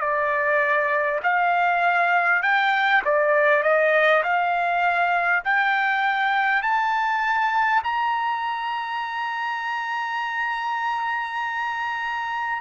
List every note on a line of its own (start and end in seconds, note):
0.00 1.20 D5
1.23 2.42 F5
2.42 3.02 G5
3.05 3.63 D5
3.63 4.23 D#5
4.23 5.43 F5
5.44 6.62 G5
6.62 7.82 A5
7.83 12.61 A#5